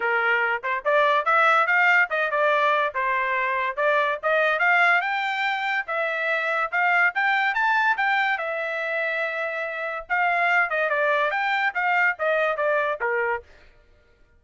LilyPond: \new Staff \with { instrumentName = "trumpet" } { \time 4/4 \tempo 4 = 143 ais'4. c''8 d''4 e''4 | f''4 dis''8 d''4. c''4~ | c''4 d''4 dis''4 f''4 | g''2 e''2 |
f''4 g''4 a''4 g''4 | e''1 | f''4. dis''8 d''4 g''4 | f''4 dis''4 d''4 ais'4 | }